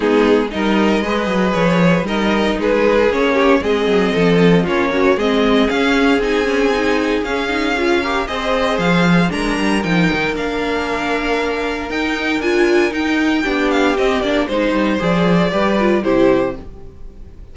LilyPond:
<<
  \new Staff \with { instrumentName = "violin" } { \time 4/4 \tempo 4 = 116 gis'4 dis''2 cis''4 | dis''4 b'4 cis''4 dis''4~ | dis''4 cis''4 dis''4 f''4 | gis''2 f''2 |
dis''4 f''4 ais''4 g''4 | f''2. g''4 | gis''4 g''4. f''8 dis''8 d''8 | c''4 d''2 c''4 | }
  \new Staff \with { instrumentName = "violin" } { \time 4/4 dis'4 ais'4 b'2 | ais'4 gis'4. g'8 gis'4 | a'4 f'8 cis'8 gis'2~ | gis'2.~ gis'8 ais'8 |
c''2 ais'2~ | ais'1~ | ais'2 g'2 | c''2 b'4 g'4 | }
  \new Staff \with { instrumentName = "viola" } { \time 4/4 b4 dis'4 gis'2 | dis'2 cis'4 c'4~ | c'4 cis'8 fis'8 c'4 cis'4 | dis'8 cis'8 dis'4 cis'8 dis'8 f'8 g'8 |
gis'2 d'4 dis'4 | d'2. dis'4 | f'4 dis'4 d'4 c'8 d'8 | dis'4 gis'4 g'8 f'8 e'4 | }
  \new Staff \with { instrumentName = "cello" } { \time 4/4 gis4 g4 gis8 fis8 f4 | g4 gis4 ais4 gis8 fis8 | f4 ais4 gis4 cis'4 | c'2 cis'2 |
c'4 f4 gis8 g8 f8 dis8 | ais2. dis'4 | d'4 dis'4 b4 c'8 ais8 | gis8 g8 f4 g4 c4 | }
>>